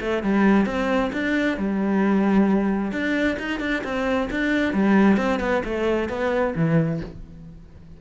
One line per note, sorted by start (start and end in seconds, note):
0.00 0.23 A3
0.23 0.65 G3
0.65 1.11 C4
1.12 1.57 D4
1.57 2.91 G3
2.91 3.36 D4
3.39 3.59 D#4
3.59 3.82 D4
3.83 4.29 C4
4.30 4.73 D4
4.73 5.17 G3
5.17 5.39 C4
5.40 5.62 B3
5.65 6.08 A3
6.08 6.54 B3
6.55 7.00 E3